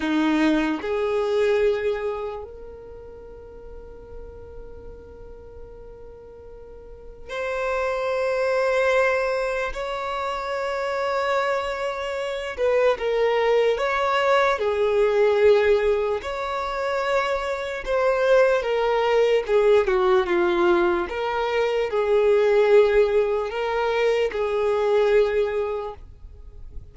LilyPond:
\new Staff \with { instrumentName = "violin" } { \time 4/4 \tempo 4 = 74 dis'4 gis'2 ais'4~ | ais'1~ | ais'4 c''2. | cis''2.~ cis''8 b'8 |
ais'4 cis''4 gis'2 | cis''2 c''4 ais'4 | gis'8 fis'8 f'4 ais'4 gis'4~ | gis'4 ais'4 gis'2 | }